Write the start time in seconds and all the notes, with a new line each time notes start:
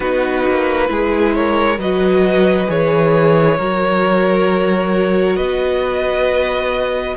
0.00 B3 D#4 F#4 B4
0.48 A#3
0.87 G#3 E4 G#4
1.34 A#4 C#5
1.78 F#3 F#4 B4 D#5
2.67 E3 G#4 C#5
3.57 F#3 F#4 A#4
5.36 B3 B4 D#5